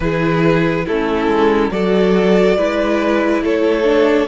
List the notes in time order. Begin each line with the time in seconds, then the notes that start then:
0.00 E3 E4 G#4 B4
0.85 A3 C#4 E4 A4
1.27 G#3
1.71 F#3 F#4 A4 D5
2.56 G#3 E4 B4
3.42 A3 A4 C#5
3.83 D4